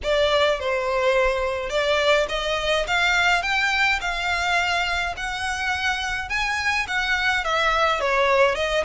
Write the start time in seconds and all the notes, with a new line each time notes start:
0.03 D5
0.59 C5
1.69 D5
2.29 D#5
2.87 F5
3.42 G5
4.00 F5
5.16 F#5
6.29 G#5
6.87 F#5
7.44 E5
8.00 C#5
8.55 D#5